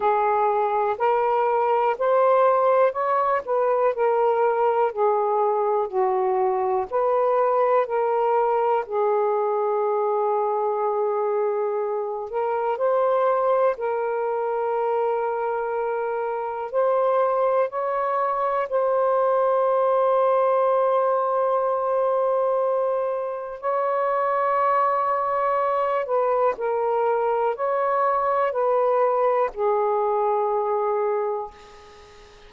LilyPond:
\new Staff \with { instrumentName = "saxophone" } { \time 4/4 \tempo 4 = 61 gis'4 ais'4 c''4 cis''8 b'8 | ais'4 gis'4 fis'4 b'4 | ais'4 gis'2.~ | gis'8 ais'8 c''4 ais'2~ |
ais'4 c''4 cis''4 c''4~ | c''1 | cis''2~ cis''8 b'8 ais'4 | cis''4 b'4 gis'2 | }